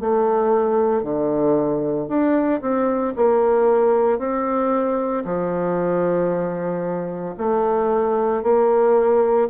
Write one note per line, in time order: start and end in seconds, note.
0.00 1.03 A3
1.03 2.08 D3
2.08 2.61 D4
2.61 3.14 C4
3.16 4.18 A#3
4.18 5.23 C4
5.24 7.35 F3
7.38 8.43 A3
8.43 9.48 A#3